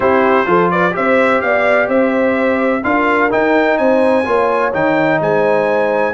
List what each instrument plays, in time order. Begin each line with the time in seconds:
0.00 tuba C4, trombone E4, horn G4, trumpet C5
0.45 tuba F3, trombone F4, horn A4
0.70 horn B4, trumpet D5
0.91 tuba C4, trombone G4, horn C5, trumpet E5
1.41 tuba B3, horn D5, trumpet F5
1.88 tuba C4, horn C5, trumpet E5
2.83 tuba D4, trombone F4, horn A#4, trumpet F5
3.29 trombone D#4, tuba D#4, trumpet G5
3.77 tuba C4, horn C5, trumpet G#5
4.24 tuba A#3, trombone F4, horn C#5
4.72 tuba D#3, trombone D#4, trumpet G5
5.20 tuba G#3, horn C5, trumpet G#5